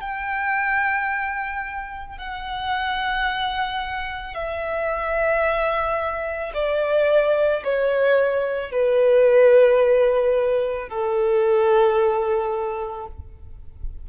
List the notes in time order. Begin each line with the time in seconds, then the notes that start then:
0.00 G5
2.18 F#5
4.34 E5
6.54 D5
7.64 C#5
8.71 B4
10.88 A4